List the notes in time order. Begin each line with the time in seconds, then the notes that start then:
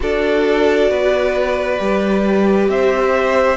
0.00 D4 F#4 A4 D5
0.90 B3 B4
1.77 G3 G4
2.68 C4 C5 E5